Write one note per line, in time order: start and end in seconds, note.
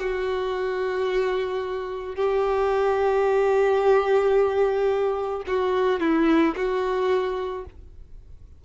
0.00 2.16 F#4
2.16 5.43 G4
5.48 6.00 F#4
6.00 6.55 E4
6.56 7.65 F#4